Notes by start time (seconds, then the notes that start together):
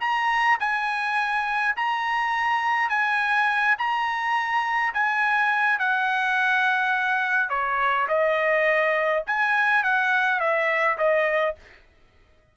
0.00 A#5
0.60 G#5
1.76 A#5
2.89 G#5
3.78 A#5
4.94 G#5
5.79 F#5
7.49 C#5
8.08 D#5
9.26 G#5
9.83 F#5
10.40 E5
10.98 D#5